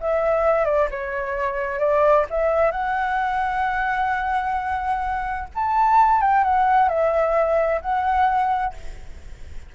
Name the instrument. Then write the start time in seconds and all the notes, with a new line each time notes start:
flute
0.00 E5
0.65 D5
0.90 C#5
1.79 D5
2.30 E5
2.71 F#5
5.55 A5
6.21 G5
6.43 F#5
6.88 E5
7.81 F#5